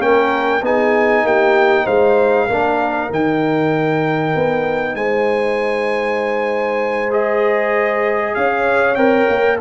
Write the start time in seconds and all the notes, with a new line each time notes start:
0.00 A#3 C#4 A#4 G5
0.62 B3 D#4 G#4 G#5
1.24 A#3 G4 G5
1.85 G#3 C5 F5
2.47 A#3 D4 A#4
3.10 D#3 D#4 G5
4.36 B3
4.95 G#3 C5 G#5
7.11 G#4 D#5
8.35 C#4 C#5 F5
8.95 C4 A#4 G5
9.29 A#3